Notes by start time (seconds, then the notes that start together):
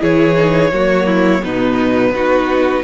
0.00 E3 E4 G#4 C#5
0.37 D#4
0.72 F#3 A#3 F#4
1.07 E4
1.43 B2 B3 D#4 B4
2.11 B3 D#4 F#4